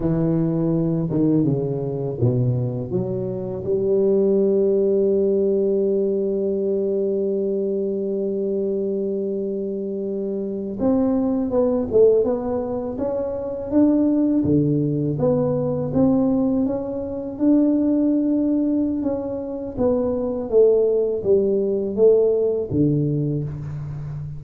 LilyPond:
\new Staff \with { instrumentName = "tuba" } { \time 4/4 \tempo 4 = 82 e4. dis8 cis4 b,4 | fis4 g2.~ | g1~ | g2~ g8. c'4 b16~ |
b16 a8 b4 cis'4 d'4 d16~ | d8. b4 c'4 cis'4 d'16~ | d'2 cis'4 b4 | a4 g4 a4 d4 | }